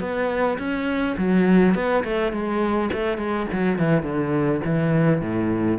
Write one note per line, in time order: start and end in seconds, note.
0.00 0.58 B3
0.58 1.16 C#4
1.17 1.75 F#3
1.75 2.03 B3
2.04 2.32 A3
2.32 2.90 G#3
2.93 3.17 A3
3.17 3.46 G#3
3.52 3.78 F#3
3.78 4.03 E3
4.03 4.60 D3
4.64 5.21 E3
5.21 5.78 A2